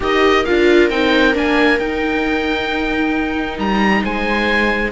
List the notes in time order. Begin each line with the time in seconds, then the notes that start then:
0.00 D#4 G4 A#4 D#5
0.44 D4 F4 F5
0.89 C4 D#4 G5
1.33 A#3 D4 G#5
1.78 D#4 G5
3.58 G3 A#5
4.02 G#3 C5 G#5